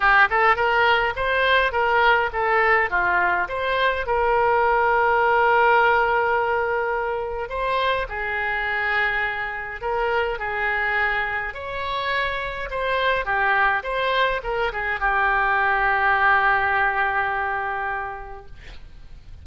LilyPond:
\new Staff \with { instrumentName = "oboe" } { \time 4/4 \tempo 4 = 104 g'8 a'8 ais'4 c''4 ais'4 | a'4 f'4 c''4 ais'4~ | ais'1~ | ais'4 c''4 gis'2~ |
gis'4 ais'4 gis'2 | cis''2 c''4 g'4 | c''4 ais'8 gis'8 g'2~ | g'1 | }